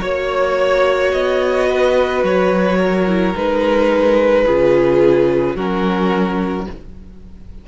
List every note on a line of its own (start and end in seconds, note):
0.00 1.13 A#3
0.00 3.06 F#4
0.00 1.12 C#5
0.00 1.69 C#5
1.12 2.24 B3
1.12 2.23 D#5
1.69 2.78 B4
2.24 3.35 F#3
2.24 3.36 C#5
2.78 4.45 A#4
3.07 3.35 E4
3.35 4.47 G#3
3.35 4.46 D#4
3.35 5.56 B4
4.46 5.56 C#3
4.46 5.57 F4
4.46 5.56 G#4
5.56 6.67 F#3
5.56 6.68 C#4
5.56 6.67 F#4
5.56 6.67 A#4